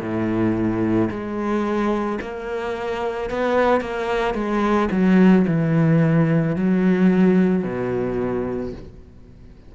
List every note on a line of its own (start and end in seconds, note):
0.00 1.09 A2
1.10 2.19 G#3
2.21 3.30 A#3
3.30 3.81 B3
3.81 4.34 A#3
4.34 4.89 G#3
4.91 5.46 F#3
5.47 6.56 E3
6.56 7.64 F#3
7.64 8.73 B2